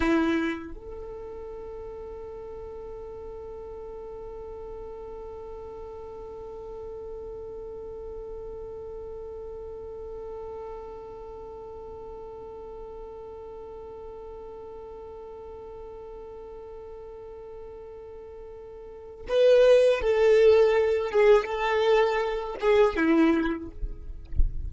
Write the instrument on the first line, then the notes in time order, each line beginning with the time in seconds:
violin
0.00 E4
0.73 A4
19.28 B4
20.01 A4
21.11 G#4
21.45 A4
22.60 G#4
22.96 E4